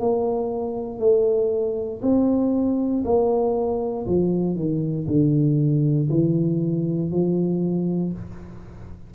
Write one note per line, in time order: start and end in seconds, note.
0.00 0.99 A#3
0.99 2.01 A3
2.02 3.04 C4
3.05 4.06 A#3
4.07 4.56 F3
4.56 5.07 D#3
5.08 6.09 D3
6.10 7.11 E3
7.11 8.13 F3